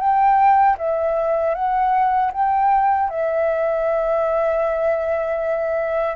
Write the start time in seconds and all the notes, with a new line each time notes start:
0.00 G5
0.78 E5
1.55 F#5
2.33 G5
3.10 E5